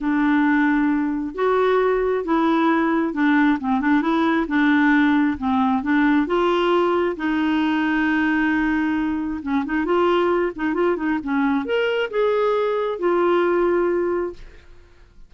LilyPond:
\new Staff \with { instrumentName = "clarinet" } { \time 4/4 \tempo 4 = 134 d'2. fis'4~ | fis'4 e'2 d'4 | c'8 d'8 e'4 d'2 | c'4 d'4 f'2 |
dis'1~ | dis'4 cis'8 dis'8 f'4. dis'8 | f'8 dis'8 cis'4 ais'4 gis'4~ | gis'4 f'2. | }